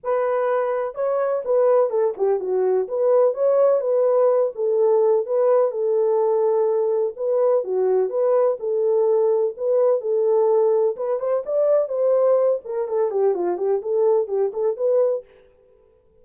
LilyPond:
\new Staff \with { instrumentName = "horn" } { \time 4/4 \tempo 4 = 126 b'2 cis''4 b'4 | a'8 g'8 fis'4 b'4 cis''4 | b'4. a'4. b'4 | a'2. b'4 |
fis'4 b'4 a'2 | b'4 a'2 b'8 c''8 | d''4 c''4. ais'8 a'8 g'8 | f'8 g'8 a'4 g'8 a'8 b'4 | }